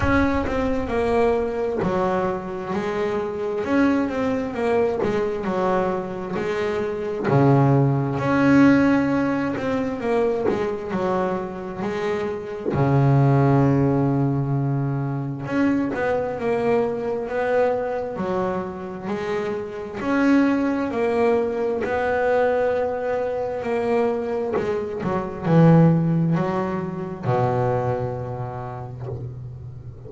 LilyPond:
\new Staff \with { instrumentName = "double bass" } { \time 4/4 \tempo 4 = 66 cis'8 c'8 ais4 fis4 gis4 | cis'8 c'8 ais8 gis8 fis4 gis4 | cis4 cis'4. c'8 ais8 gis8 | fis4 gis4 cis2~ |
cis4 cis'8 b8 ais4 b4 | fis4 gis4 cis'4 ais4 | b2 ais4 gis8 fis8 | e4 fis4 b,2 | }